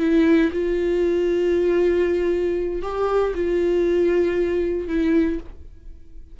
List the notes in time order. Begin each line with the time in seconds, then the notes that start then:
0.00 E4
0.53 F4
2.83 G4
3.35 F4
4.88 E4